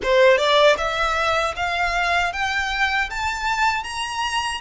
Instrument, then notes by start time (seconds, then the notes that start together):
violin
0.02 C5
0.37 D5
0.77 E5
1.56 F5
2.33 G5
3.09 A5
3.83 A#5